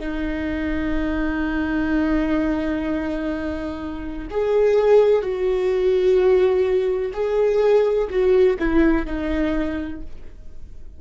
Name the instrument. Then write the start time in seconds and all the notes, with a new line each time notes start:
viola
0.00 D#4
4.31 G#4
5.22 F#4
7.14 G#4
8.10 F#4
8.59 E4
9.06 D#4